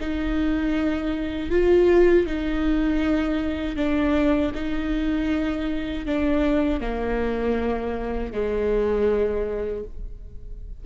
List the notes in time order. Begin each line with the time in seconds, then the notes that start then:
0.00 D#4
1.50 F4
2.26 D#4
3.76 D4
4.54 D#4
6.05 D4
6.80 A#3
8.32 G#3